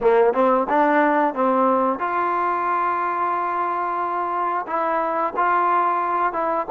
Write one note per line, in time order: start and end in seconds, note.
0.01 0.33 A#3
0.33 0.67 C4
0.69 1.34 D4
1.34 1.99 C4
1.99 4.65 F4
4.67 5.33 E4
5.36 6.32 F4
6.32 6.66 E4